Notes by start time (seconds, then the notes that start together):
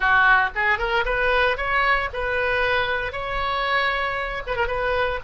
0.00 F#4
0.55 G#4
0.78 A#4
1.05 B4
1.57 C#5
2.13 B4
3.12 C#5
4.46 B4
4.56 A#4
4.67 B4